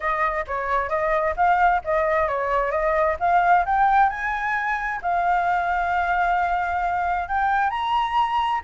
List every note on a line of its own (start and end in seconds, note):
0.00 0.45 D#5
0.47 0.89 C#5
0.89 1.34 D#5
1.36 1.81 F5
1.84 2.27 D#5
2.27 2.71 C#5
2.71 3.16 D#5
3.19 3.65 F5
3.65 4.09 G5
4.09 5.00 G#5
5.02 7.28 F5
7.28 7.70 G5
7.70 8.61 A#5